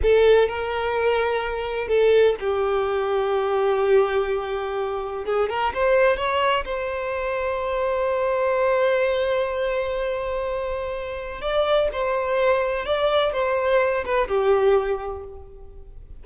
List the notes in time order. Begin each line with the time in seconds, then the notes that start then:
0.02 A4
0.48 A#4
1.88 A4
2.40 G4
5.25 G#4
5.49 A#4
5.73 C5
6.16 C#5
6.65 C5
11.41 D5
11.92 C5
12.85 D5
13.32 C5
14.05 B4
14.28 G4